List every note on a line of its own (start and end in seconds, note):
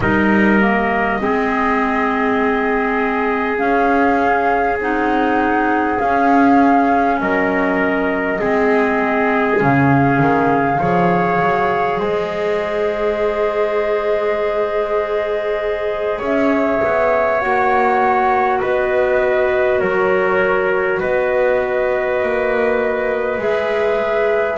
0.00 1.19 G3
0.00 0.60 D#4
0.00 1.21 A#4
0.00 3.57 D#5
0.60 1.20 A#3
1.20 3.60 G#3
1.20 3.58 C4
1.20 7.21 G#4
3.58 4.78 C#4
3.58 4.78 F5
4.78 5.98 C4
4.78 5.98 D#4
4.78 5.99 F#5
5.98 8.38 C#4
5.98 7.19 C#4
5.98 7.19 F5
7.19 8.39 F#3
7.19 8.39 A#4
7.19 9.59 D#5
8.39 9.60 G#3
8.39 9.56 C4
8.39 10.79 G#4
9.56 10.19 C#3
9.56 10.76 C#4
9.56 11.99 F5
10.19 10.79 D#3
10.79 11.40 F3
10.79 17.39 G#4
10.79 11.99 C#5
11.40 12.00 F#3
11.99 16.20 G#3
11.99 16.18 C5
11.99 16.19 D#5
16.18 16.81 C#4
16.18 18.58 C#5
16.18 17.41 E5
16.83 17.43 B3
17.41 18.62 A#3
17.41 23.39 F#4
17.41 18.61 F#5
18.59 19.81 B3
18.59 19.80 B4
18.59 19.79 D#5
19.79 21.01 F#3
19.79 21.00 A#4
19.79 20.98 C#5
20.99 22.22 B3
20.99 24.57 B4
20.99 23.39 D#5
22.22 23.38 A#3
23.38 24.57 G#3
23.38 24.57 G#4
23.38 24.57 E5